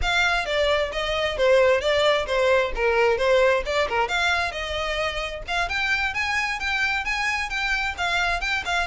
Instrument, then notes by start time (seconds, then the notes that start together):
violin
0.02 F5
0.45 D5
0.92 D#5
1.37 C5
1.80 D5
2.26 C5
2.75 A#4
3.17 C5
3.65 D5
3.88 A#4
4.08 F5
4.51 D#5
5.47 F5
5.69 G5
6.14 G#5
6.59 G5
7.04 G#5
7.49 G5
7.97 F5
8.40 G5
8.65 F5